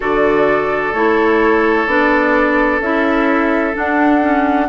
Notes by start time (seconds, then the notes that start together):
0.00 D3 F#4 A4 D5
0.93 A3 E4 C#5
1.86 B3 D4 D5
2.79 C#4 E4 E5
3.73 D4 F#5
4.21 C#4